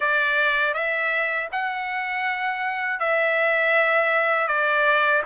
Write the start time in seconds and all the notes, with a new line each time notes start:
0.00 D5
0.73 E5
1.52 F#5
2.99 E5
4.47 D5